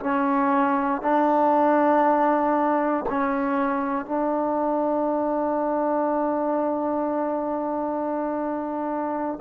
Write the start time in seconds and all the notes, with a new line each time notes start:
0.00 C#4
1.02 D4
3.09 C#4
4.06 D4